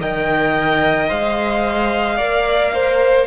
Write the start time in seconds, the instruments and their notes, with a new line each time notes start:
0.00 cello D#3, viola A#4, violin D#5 G5
1.09 cello G#3, viola C5, violin F5
2.17 cello A#3, viola A#4, violin D5
2.74 violin C5